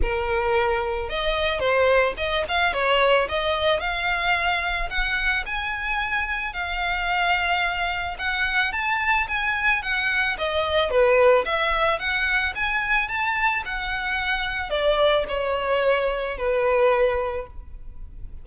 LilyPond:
\new Staff \with { instrumentName = "violin" } { \time 4/4 \tempo 4 = 110 ais'2 dis''4 c''4 | dis''8 f''8 cis''4 dis''4 f''4~ | f''4 fis''4 gis''2 | f''2. fis''4 |
a''4 gis''4 fis''4 dis''4 | b'4 e''4 fis''4 gis''4 | a''4 fis''2 d''4 | cis''2 b'2 | }